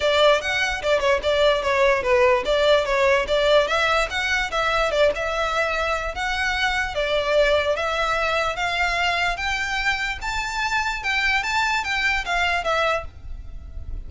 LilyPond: \new Staff \with { instrumentName = "violin" } { \time 4/4 \tempo 4 = 147 d''4 fis''4 d''8 cis''8 d''4 | cis''4 b'4 d''4 cis''4 | d''4 e''4 fis''4 e''4 | d''8 e''2~ e''8 fis''4~ |
fis''4 d''2 e''4~ | e''4 f''2 g''4~ | g''4 a''2 g''4 | a''4 g''4 f''4 e''4 | }